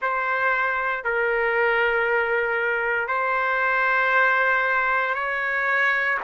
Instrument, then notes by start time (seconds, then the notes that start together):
trumpet
0.01 C5
1.03 A#4
3.08 C5
5.14 C#5